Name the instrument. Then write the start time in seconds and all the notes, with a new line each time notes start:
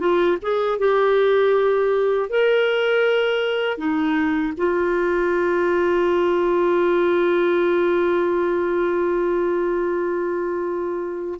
clarinet
0.00 F4
0.42 G#4
0.79 G4
2.30 A#4
3.78 D#4
4.57 F4